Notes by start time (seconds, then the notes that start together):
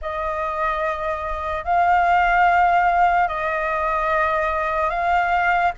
0.01 D#5
1.64 F5
3.28 D#5
4.89 F5